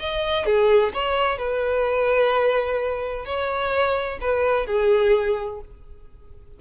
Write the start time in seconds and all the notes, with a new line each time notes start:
0.00 D#5
0.46 G#4
0.94 C#5
1.38 B4
3.25 C#5
4.21 B4
4.67 G#4